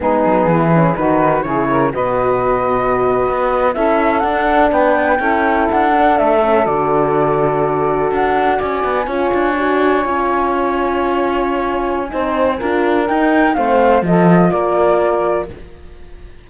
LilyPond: <<
  \new Staff \with { instrumentName = "flute" } { \time 4/4 \tempo 4 = 124 gis'2 b'4 cis''4 | dis''2.~ dis''8. e''16~ | e''8. fis''4 g''2 fis''16~ | fis''8. e''4 d''2~ d''16~ |
d''8. fis''4 gis''2~ gis''16~ | gis''1~ | gis''2. g''4 | f''4 dis''4 d''2 | }
  \new Staff \with { instrumentName = "saxophone" } { \time 4/4 dis'4 e'4 fis'4 gis'8 ais'8 | b'2.~ b'8. a'16~ | a'4.~ a'16 b'4 a'4~ a'16~ | a'1~ |
a'4.~ a'16 d''4 cis''4~ cis''16~ | cis''1~ | cis''4 c''4 ais'2 | c''4 a'4 ais'2 | }
  \new Staff \with { instrumentName = "horn" } { \time 4/4 b4. cis'8 dis'4 e'4 | fis'2.~ fis'8. e'16~ | e'8. d'2 e'4~ e'16~ | e'16 d'4 cis'8 fis'2~ fis'16~ |
fis'2~ fis'8. f'4 fis'16~ | fis'8. f'2.~ f'16~ | f'4 dis'4 f'4 dis'4 | c'4 f'2. | }
  \new Staff \with { instrumentName = "cello" } { \time 4/4 gis8 fis8 e4 dis4 cis4 | b,2~ b,8. b4 cis'16~ | cis'8. d'4 b4 cis'4 d'16~ | d'8. a4 d2~ d16~ |
d8. d'4 cis'8 b8 cis'8 d'8.~ | d'8. cis'2.~ cis'16~ | cis'4 c'4 d'4 dis'4 | a4 f4 ais2 | }
>>